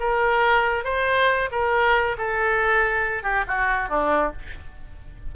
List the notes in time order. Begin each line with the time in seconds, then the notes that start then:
0.00 A#4
0.84 C5
1.52 A#4
2.18 A4
3.23 G4
3.48 F#4
3.89 D4